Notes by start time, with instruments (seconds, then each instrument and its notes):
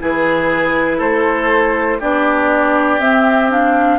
0.00 bassoon E3, clarinet E4, oboe G#4, flute B4
0.98 bassoon A3, oboe A4, flute C5
2.01 bassoon B3, clarinet D4, oboe G4, flute D5
3.00 bassoon C4, clarinet C4, flute E5
3.51 clarinet D4, flute F5